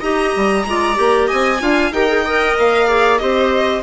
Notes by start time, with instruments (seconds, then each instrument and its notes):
0.00 bassoon D#4, clarinet G4, viola D#5, violin A#5
0.36 bassoon G3
0.66 bassoon G#3, clarinet F4, viola D5
0.94 bassoon A#3, clarinet G4
1.27 bassoon C4, viola D#5, violin G#5
1.60 bassoon D4, clarinet F4, viola F5
1.91 bassoon D#4, clarinet G4, viola A#4, violin G5
2.08 clarinet G#4
2.25 clarinet A#4, viola D#5
2.58 bassoon A#3, violin F5
2.87 clarinet G#4, viola D5
3.18 bassoon C4, clarinet G4, viola C5, violin D#5